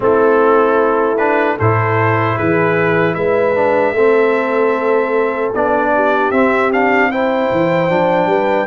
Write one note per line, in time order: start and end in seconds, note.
0.00 1.57 A3
0.00 1.16 C4
0.00 1.57 E4
0.00 1.17 A4
1.17 1.58 D4
1.17 1.56 B4
1.57 2.38 A2
1.57 3.55 E4
1.57 2.36 A4
1.57 2.38 C5
2.36 3.14 E3
2.36 3.15 G#4
2.36 3.14 B4
3.14 3.92 G#3
3.14 3.94 B4
3.14 5.51 E5
3.55 3.94 D4
3.92 5.50 A3
3.92 5.54 C4
3.92 5.91 A4
5.54 6.31 B3
5.54 6.33 D4
5.54 6.31 D5
5.94 7.10 G4
6.31 7.49 C4
6.31 6.72 C4
6.31 6.70 E5
6.72 7.11 D4
6.72 7.11 F5
7.10 7.88 E4
7.10 8.28 C5
7.10 8.67 G5
7.51 7.90 E3
7.88 8.26 F3
7.88 8.67 D4
8.26 8.65 G3
8.26 8.67 B4